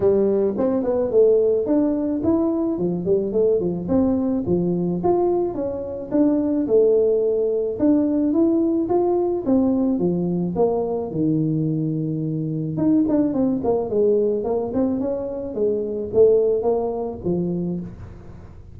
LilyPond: \new Staff \with { instrumentName = "tuba" } { \time 4/4 \tempo 4 = 108 g4 c'8 b8 a4 d'4 | e'4 f8 g8 a8 f8 c'4 | f4 f'4 cis'4 d'4 | a2 d'4 e'4 |
f'4 c'4 f4 ais4 | dis2. dis'8 d'8 | c'8 ais8 gis4 ais8 c'8 cis'4 | gis4 a4 ais4 f4 | }